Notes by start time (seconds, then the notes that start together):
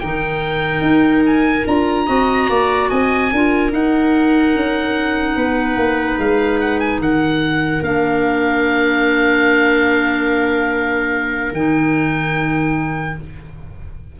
0.00 D#3 D#4 A#4 G5
0.81 D#4
1.26 G#5
1.66 D4 F4 A#5
2.06 C4 F#4 D#5
2.49 A#3 D5
2.89 C4 D#5 G#5
3.32 D4 F4 A#4
3.71 D#4 F#5
4.55 C#4
5.36 B3 B4
5.76 A#3
6.19 G#3 F5
6.60 F#5
6.80 G#5
6.99 D#3 A#4 F#5
7.82 A#3 D4 F5
11.52 D#3 D#4 G5